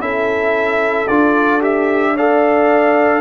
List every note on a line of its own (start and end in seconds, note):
0.00 1.07 C#4
0.00 1.08 E4
0.00 2.14 A4
0.00 1.08 E5
1.08 3.21 D4
1.08 1.61 F4
1.08 1.62 D5
1.61 2.15 G4
1.61 2.17 E5
2.14 3.21 A4
2.14 3.21 D5
2.14 3.21 F5